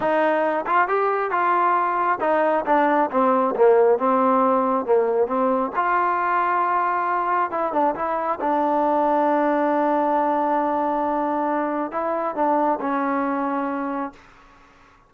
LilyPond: \new Staff \with { instrumentName = "trombone" } { \time 4/4 \tempo 4 = 136 dis'4. f'8 g'4 f'4~ | f'4 dis'4 d'4 c'4 | ais4 c'2 ais4 | c'4 f'2.~ |
f'4 e'8 d'8 e'4 d'4~ | d'1~ | d'2. e'4 | d'4 cis'2. | }